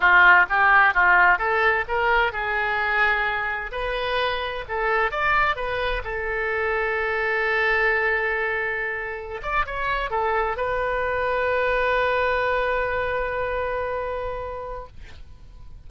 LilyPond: \new Staff \with { instrumentName = "oboe" } { \time 4/4 \tempo 4 = 129 f'4 g'4 f'4 a'4 | ais'4 gis'2. | b'2 a'4 d''4 | b'4 a'2.~ |
a'1~ | a'16 d''8 cis''4 a'4 b'4~ b'16~ | b'1~ | b'1 | }